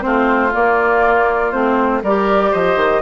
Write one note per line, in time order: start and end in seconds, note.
0.00 0.55 A3
0.00 0.50 C4
0.00 0.52 C5
0.06 2.03 F4
0.53 1.52 A#3
0.53 1.54 A#3
0.53 1.52 D5
1.52 2.03 A3
1.52 2.02 C4
1.52 2.02 C5
2.03 2.53 G3
2.03 3.02 G4
2.03 2.51 A#4
2.03 2.53 D5
2.51 2.76 F3
2.51 3.01 C5
2.51 3.02 D#5
2.76 3.01 D#3